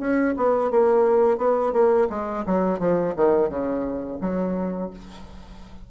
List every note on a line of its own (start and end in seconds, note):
0.00 0.35 C#4
0.37 0.71 B3
0.71 1.38 A#3
1.38 1.73 B3
1.73 2.08 A#3
2.10 2.45 G#3
2.46 2.80 F#3
2.80 3.15 F3
3.16 3.50 D#3
3.50 4.20 C#3
4.21 4.91 F#3